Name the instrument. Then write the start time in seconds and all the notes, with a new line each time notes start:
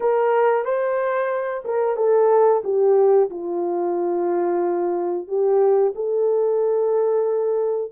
horn
0.00 A#4
0.64 C5
1.65 A#4
1.96 A4
2.63 G4
3.30 F4
5.27 G4
5.95 A4